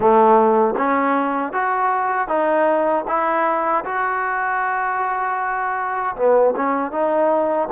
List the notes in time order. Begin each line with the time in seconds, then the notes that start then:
0.00 A3
0.77 C#4
1.52 F#4
2.27 D#4
3.07 E4
3.84 F#4
6.16 B3
6.56 C#4
6.91 D#4